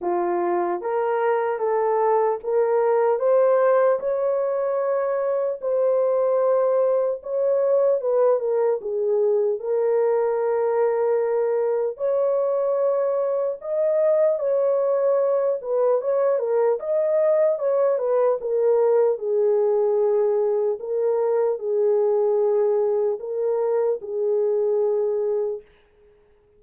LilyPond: \new Staff \with { instrumentName = "horn" } { \time 4/4 \tempo 4 = 75 f'4 ais'4 a'4 ais'4 | c''4 cis''2 c''4~ | c''4 cis''4 b'8 ais'8 gis'4 | ais'2. cis''4~ |
cis''4 dis''4 cis''4. b'8 | cis''8 ais'8 dis''4 cis''8 b'8 ais'4 | gis'2 ais'4 gis'4~ | gis'4 ais'4 gis'2 | }